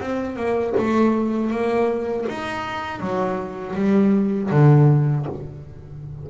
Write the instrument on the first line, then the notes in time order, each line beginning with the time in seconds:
double bass
0.00 C4
0.36 A#3
0.77 A3
1.50 A#3
2.28 D#4
3.00 F#3
3.75 G3
4.51 D3